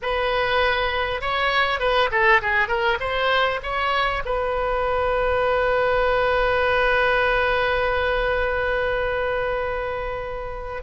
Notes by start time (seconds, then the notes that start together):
0.02 B4
1.21 C#5
1.79 B4
2.11 A4
2.41 G#4
2.68 A#4
3.00 C5
3.62 C#5
4.25 B4